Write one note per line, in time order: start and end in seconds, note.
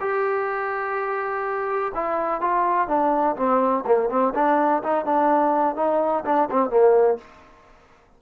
0.00 1.92 G4
1.94 2.41 E4
2.41 2.88 F4
2.88 3.36 D4
3.36 3.84 C4
3.86 4.09 A#3
4.09 4.33 C4
4.34 4.82 D4
4.82 5.05 D#4
5.05 5.76 D4
5.76 6.24 D#4
6.25 6.49 D4
6.50 6.70 C4
6.70 7.18 A#3